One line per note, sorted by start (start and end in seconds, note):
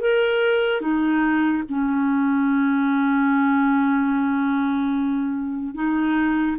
0.00 0.81 A#4
0.81 1.63 D#4
1.69 5.75 C#4
5.75 6.57 D#4